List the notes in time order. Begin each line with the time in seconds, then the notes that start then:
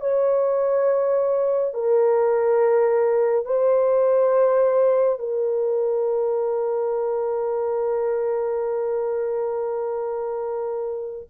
0.00 C#5
1.74 A#4
3.45 C5
5.19 A#4